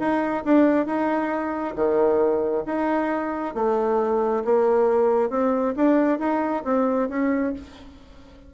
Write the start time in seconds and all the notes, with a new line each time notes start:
0.00 D#4
0.45 D4
0.87 D#4
1.76 D#3
2.66 D#4
3.55 A3
4.45 A#3
5.30 C4
5.77 D4
6.20 D#4
6.65 C4
7.10 C#4